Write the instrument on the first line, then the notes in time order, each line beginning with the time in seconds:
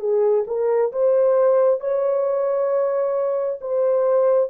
horn
0.00 G#4
0.47 A#4
0.92 C5
1.80 C#5
3.61 C5